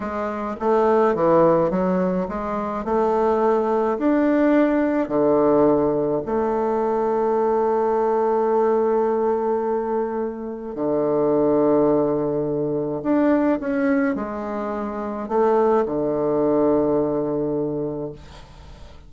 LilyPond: \new Staff \with { instrumentName = "bassoon" } { \time 4/4 \tempo 4 = 106 gis4 a4 e4 fis4 | gis4 a2 d'4~ | d'4 d2 a4~ | a1~ |
a2. d4~ | d2. d'4 | cis'4 gis2 a4 | d1 | }